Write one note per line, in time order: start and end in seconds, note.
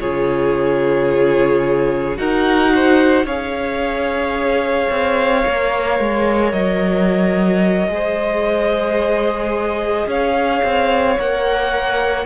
0.00 2.18 C#3
0.00 2.15 F4
0.00 2.18 G#4
0.00 2.17 C#5
2.15 3.24 D#4
2.15 3.25 F#4
2.15 2.73 A#4
2.15 3.26 F#5
2.74 3.26 C5
3.24 4.88 C#4
3.24 5.46 G#4
3.24 7.89 C#5
3.24 6.52 F5
4.90 5.44 C4
5.46 5.99 A#3
5.46 7.89 A#4
5.99 6.53 G#3
6.52 7.88 F#3
6.52 10.07 D#5
7.88 10.06 G#3
7.88 11.16 G#4
7.88 10.08 C5
10.07 10.61 C#4
10.07 12.25 C#5
10.07 11.19 F5
10.64 11.18 C4
11.18 12.25 A#3
11.18 12.25 A#4
11.18 12.25 F#5